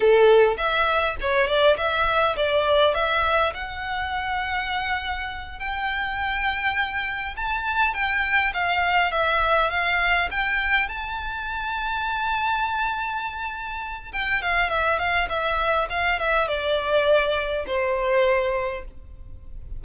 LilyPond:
\new Staff \with { instrumentName = "violin" } { \time 4/4 \tempo 4 = 102 a'4 e''4 cis''8 d''8 e''4 | d''4 e''4 fis''2~ | fis''4. g''2~ g''8~ | g''8 a''4 g''4 f''4 e''8~ |
e''8 f''4 g''4 a''4.~ | a''1 | g''8 f''8 e''8 f''8 e''4 f''8 e''8 | d''2 c''2 | }